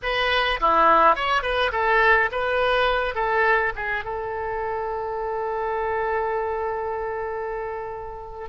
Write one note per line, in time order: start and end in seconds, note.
0.02 0.60 B4
0.60 1.15 E4
1.15 1.42 C#5
1.42 1.71 B4
1.72 2.29 A4
2.31 3.14 B4
3.14 3.72 A4
3.75 4.04 G#4
4.04 8.49 A4